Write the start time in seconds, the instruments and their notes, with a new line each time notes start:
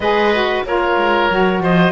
0.00 cello G#3, saxophone G#4, oboe B4, clarinet D#5
0.33 saxophone F#4
0.63 cello A#3, saxophone F4, oboe A#4, clarinet C#5
0.96 cello G#3
1.30 cello F#3, saxophone F#4
1.59 cello F3, oboe C5, clarinet D#5